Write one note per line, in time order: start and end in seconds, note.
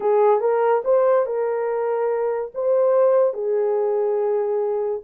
0.00 0.40 G#4
0.40 0.82 A#4
0.84 1.25 C5
1.25 2.51 A#4
2.54 3.33 C5
3.33 5.01 G#4